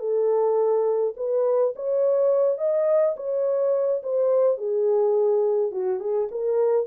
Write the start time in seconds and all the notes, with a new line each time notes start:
0.00 A4
1.17 B4
1.76 C#5
2.58 D#5
3.17 C#5
4.03 C5
4.58 G#4
5.72 F#4
6.00 G#4
6.31 A#4